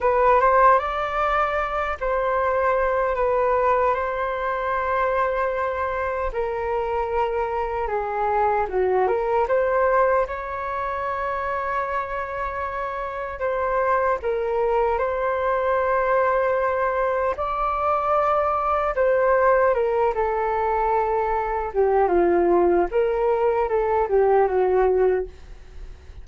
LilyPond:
\new Staff \with { instrumentName = "flute" } { \time 4/4 \tempo 4 = 76 b'8 c''8 d''4. c''4. | b'4 c''2. | ais'2 gis'4 fis'8 ais'8 | c''4 cis''2.~ |
cis''4 c''4 ais'4 c''4~ | c''2 d''2 | c''4 ais'8 a'2 g'8 | f'4 ais'4 a'8 g'8 fis'4 | }